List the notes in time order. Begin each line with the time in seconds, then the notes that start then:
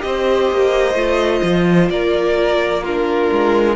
0.00 C4 G4 D#5
0.06 C5
0.52 A#3
0.94 A3 F4
1.43 F3
1.90 A#3 A#4 D5
2.83 D4 F4 A#4
3.32 G#3